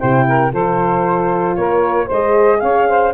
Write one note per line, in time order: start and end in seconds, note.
0.00 0.53 C3
0.00 0.52 E4
0.00 0.26 C5
0.00 0.53 G5
0.28 0.53 A#4
0.53 1.58 F3
0.53 2.09 F4
0.53 1.57 A4
0.53 1.56 C5
1.56 2.10 A#3
1.56 2.06 A#4
1.56 2.08 C#5
2.06 2.62 G#3
2.06 3.14 G#4
2.06 2.58 C5
2.06 2.61 D#5
2.61 3.14 C#4
2.61 2.89 C#5
2.61 3.13 F5
2.89 3.14 C5